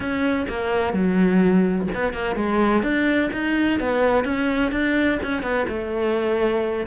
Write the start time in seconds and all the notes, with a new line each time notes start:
0.00 C#4
0.48 A#3
0.93 F#3
1.94 B3
2.13 A#3
2.35 G#3
2.82 D4
3.33 D#4
3.79 B3
4.24 C#4
4.71 D4
5.22 C#4
5.42 B3
5.68 A3